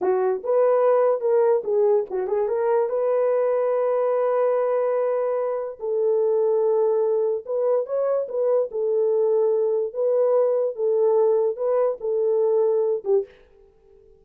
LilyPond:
\new Staff \with { instrumentName = "horn" } { \time 4/4 \tempo 4 = 145 fis'4 b'2 ais'4 | gis'4 fis'8 gis'8 ais'4 b'4~ | b'1~ | b'2 a'2~ |
a'2 b'4 cis''4 | b'4 a'2. | b'2 a'2 | b'4 a'2~ a'8 g'8 | }